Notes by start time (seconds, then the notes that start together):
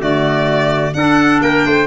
0.00 D3 A3 F#4 D5
0.94 D4 A4 F#5
1.42 A#3 A#4 G5
1.66 A3 C5